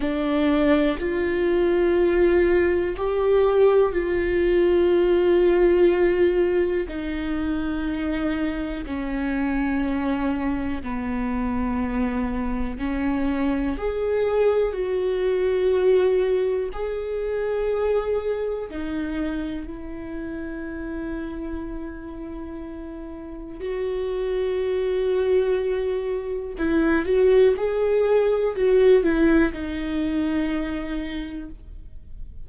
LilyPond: \new Staff \with { instrumentName = "viola" } { \time 4/4 \tempo 4 = 61 d'4 f'2 g'4 | f'2. dis'4~ | dis'4 cis'2 b4~ | b4 cis'4 gis'4 fis'4~ |
fis'4 gis'2 dis'4 | e'1 | fis'2. e'8 fis'8 | gis'4 fis'8 e'8 dis'2 | }